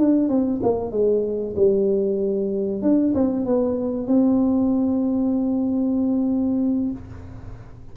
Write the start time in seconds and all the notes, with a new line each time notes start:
0.00 D4
0.29 C4
0.63 A#3
0.92 G#3
1.56 G3
2.82 D4
3.15 C4
3.46 B3
4.08 C4